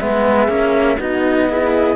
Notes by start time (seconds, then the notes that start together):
0.00 G#3 B3 G#4 E5
0.49 A#3 C#4
0.98 B3 D#4 F#4 D#5
1.50 E4 G#4